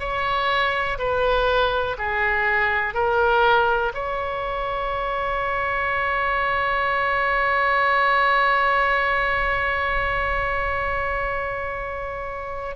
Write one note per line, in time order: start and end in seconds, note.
0.00 0.98 C#5
0.99 1.97 B4
1.98 2.94 G#4
2.94 3.93 A#4
3.94 12.76 C#5